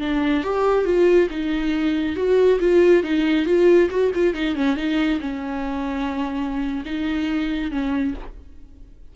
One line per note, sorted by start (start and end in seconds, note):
0.00 0.43 D4
0.44 0.85 G4
0.85 1.28 F4
1.30 2.16 D#4
2.16 2.59 F#4
2.60 3.03 F4
3.03 3.46 D#4
3.46 3.89 F4
3.90 4.12 F#4
4.15 4.34 F4
4.34 4.55 D#4
4.55 4.76 C#4
4.76 5.20 D#4
5.21 6.84 C#4
6.85 7.71 D#4
7.71 8.15 C#4